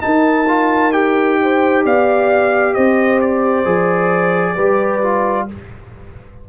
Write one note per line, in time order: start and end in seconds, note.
0.00 0.45 D#4
0.00 1.85 D#4
0.00 1.41 A#4
0.00 0.92 A5
0.47 0.92 F4
0.92 3.64 G4
0.92 1.83 G5
1.41 1.84 C5
1.84 2.76 B3
1.84 2.74 D5
1.84 2.74 F5
2.74 3.65 C4
2.74 4.54 C5
2.74 3.19 D#5
3.21 5.48 D5
3.64 4.56 F3
3.64 4.55 G#4
4.54 5.48 G3
4.54 5.01 G4
4.54 5.45 B4
5.02 5.48 F4